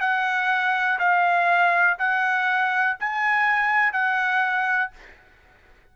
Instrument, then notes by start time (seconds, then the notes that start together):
trumpet
0.00 F#5
0.99 F5
1.99 F#5
3.00 G#5
3.93 F#5